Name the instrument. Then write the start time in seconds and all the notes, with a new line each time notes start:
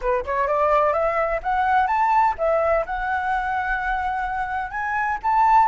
flute
0.01 B4
0.25 C#5
0.47 D5
0.93 E5
1.42 F#5
1.87 A5
2.38 E5
2.86 F#5
4.71 G#5
5.22 A5